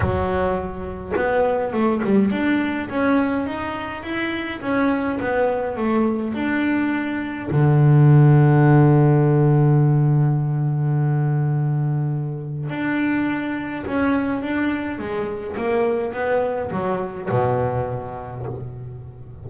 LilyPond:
\new Staff \with { instrumentName = "double bass" } { \time 4/4 \tempo 4 = 104 fis2 b4 a8 g8 | d'4 cis'4 dis'4 e'4 | cis'4 b4 a4 d'4~ | d'4 d2.~ |
d1~ | d2 d'2 | cis'4 d'4 gis4 ais4 | b4 fis4 b,2 | }